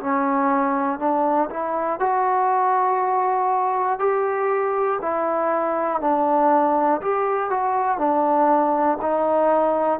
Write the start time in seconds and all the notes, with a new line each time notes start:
0.00 C#4
0.99 D4
1.50 E4
1.99 F#4
3.99 G4
5.01 E4
6.00 D4
7.01 G4
7.50 F#4
7.98 D4
9.01 D#4